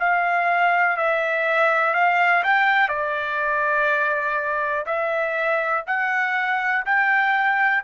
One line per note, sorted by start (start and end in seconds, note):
0.00 0.97 F5
0.97 1.94 E5
1.94 2.44 F5
2.44 2.89 G5
2.89 4.86 D5
4.86 5.85 E5
5.87 6.85 F#5
6.86 7.84 G5